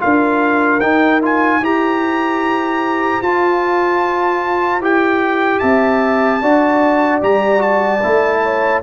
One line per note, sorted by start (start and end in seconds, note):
0.00 0.82 D4
0.00 0.80 F4
0.00 1.61 A#4
0.00 0.80 F5
0.80 1.61 D#4
0.80 1.22 D#4
0.80 1.20 G5
1.22 1.62 F4
1.22 1.65 G#5
1.61 3.21 E4
1.61 3.22 G4
1.61 5.61 C5
1.61 3.22 A#5
3.22 4.80 F4
3.22 4.82 F4
3.22 4.82 A5
4.80 5.60 E4
4.80 6.42 G4
4.80 5.60 G5
5.60 6.42 C4
5.60 6.41 E5
5.60 7.20 A5
6.42 7.22 D4
6.42 7.22 F#4
6.42 8.42 D5
7.22 8.03 G3
7.22 7.59 G4
7.22 7.62 A#5
7.59 7.99 F#4
7.59 8.82 A5
8.03 8.83 A3
8.03 8.83 E4
8.43 8.83 C#5